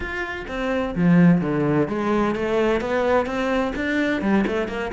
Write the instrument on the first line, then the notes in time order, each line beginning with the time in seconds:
cello
0.00 F4
0.48 C4
0.95 F3
1.41 D3
1.88 G#3
2.35 A3
2.80 B3
3.26 C4
3.75 D4
4.21 G3
4.47 A3
4.68 A#3